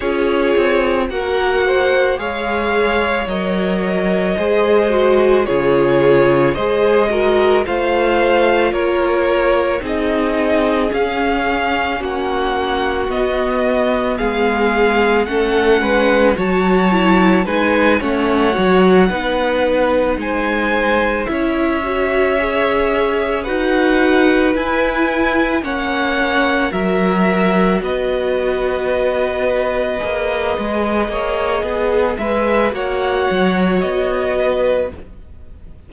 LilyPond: <<
  \new Staff \with { instrumentName = "violin" } { \time 4/4 \tempo 4 = 55 cis''4 fis''4 f''4 dis''4~ | dis''4 cis''4 dis''4 f''4 | cis''4 dis''4 f''4 fis''4 | dis''4 f''4 fis''4 a''4 |
gis''8 fis''2 gis''4 e''8~ | e''4. fis''4 gis''4 fis''8~ | fis''8 e''4 dis''2~ dis''8~ | dis''4. e''8 fis''4 dis''4 | }
  \new Staff \with { instrumentName = "violin" } { \time 4/4 gis'4 ais'8 c''8 cis''2 | c''4 gis'4 c''8 ais'8 c''4 | ais'4 gis'2 fis'4~ | fis'4 gis'4 a'8 b'8 cis''4 |
b'8 cis''4 b'4 c''4 cis''8~ | cis''4. b'2 cis''8~ | cis''8 ais'4 b'2~ b'8~ | b'8 cis''8 gis'8 b'8 cis''4. b'8 | }
  \new Staff \with { instrumentName = "viola" } { \time 4/4 f'4 fis'4 gis'4 ais'4 | gis'8 fis'8 f'4 gis'8 fis'8 f'4~ | f'4 dis'4 cis'2 | b2 cis'4 fis'8 e'8 |
dis'8 cis'8 fis'8 dis'2 e'8 | fis'8 gis'4 fis'4 e'4 cis'8~ | cis'8 fis'2. gis'8~ | gis'2 fis'2 | }
  \new Staff \with { instrumentName = "cello" } { \time 4/4 cis'8 c'8 ais4 gis4 fis4 | gis4 cis4 gis4 a4 | ais4 c'4 cis'4 ais4 | b4 gis4 a8 gis8 fis4 |
gis8 a8 fis8 b4 gis4 cis'8~ | cis'4. dis'4 e'4 ais8~ | ais8 fis4 b2 ais8 | gis8 ais8 b8 gis8 ais8 fis8 b4 | }
>>